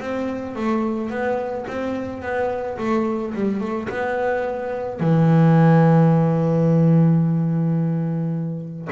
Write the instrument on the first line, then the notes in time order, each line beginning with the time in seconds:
double bass
0.00 C4
0.56 A3
1.10 B3
1.68 C4
2.22 B3
2.78 A3
3.34 G3
3.60 A3
3.89 B3
5.00 E3